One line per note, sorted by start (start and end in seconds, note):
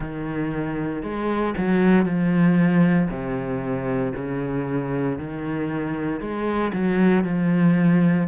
0.00 1.03 D#3
1.03 1.54 G#3
1.57 2.05 F#3
2.05 3.08 F3
3.09 4.13 C3
4.15 5.18 C#3
5.18 6.20 D#3
6.20 6.72 G#3
6.72 7.24 F#3
7.24 8.27 F3